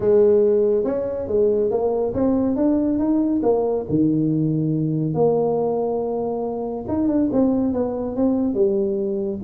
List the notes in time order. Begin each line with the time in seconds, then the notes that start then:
0.00 G#3
0.84 C#4
1.27 G#3
1.70 A#3
2.14 C4
2.56 D4
2.98 D#4
3.43 A#3
3.89 D#3
5.14 A#3
6.88 D#4
7.08 D4
7.32 C4
7.73 B3
8.16 C4
8.54 G3